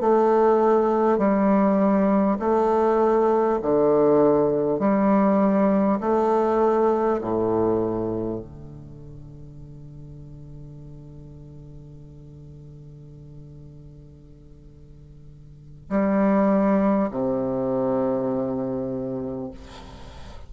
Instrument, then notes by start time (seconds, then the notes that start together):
bassoon
0.00 A3
1.18 G3
2.39 A3
3.62 D3
4.79 G3
6.00 A3
7.21 A2
8.39 D3
15.89 G3
17.10 C3